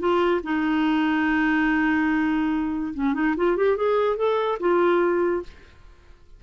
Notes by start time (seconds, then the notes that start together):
0.00 F4
0.44 D#4
2.94 C#4
3.14 D#4
3.37 F4
3.57 G4
3.77 G#4
4.17 A4
4.60 F4